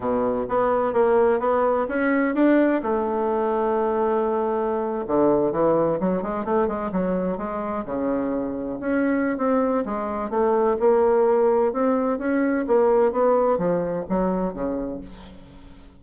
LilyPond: \new Staff \with { instrumentName = "bassoon" } { \time 4/4 \tempo 4 = 128 b,4 b4 ais4 b4 | cis'4 d'4 a2~ | a2~ a8. d4 e16~ | e8. fis8 gis8 a8 gis8 fis4 gis16~ |
gis8. cis2 cis'4~ cis'16 | c'4 gis4 a4 ais4~ | ais4 c'4 cis'4 ais4 | b4 f4 fis4 cis4 | }